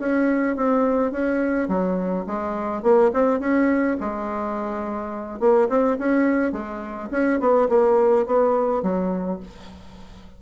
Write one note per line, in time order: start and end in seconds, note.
0.00 0.57 C#4
0.57 1.12 C4
1.12 1.69 C#4
1.69 2.26 F#3
2.27 2.83 G#3
2.83 3.12 A#3
3.14 3.41 C4
3.41 3.98 C#4
4.01 5.40 G#3
5.40 5.69 A#3
5.69 5.98 C4
5.99 6.53 C#4
6.53 7.10 G#3
7.12 7.40 C#4
7.40 7.69 B3
7.70 8.27 A#3
8.27 8.83 B3
8.83 9.40 F#3